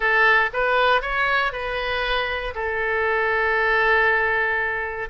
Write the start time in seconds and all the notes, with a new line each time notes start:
0.00 A4
0.53 B4
1.01 C#5
1.52 B4
2.54 A4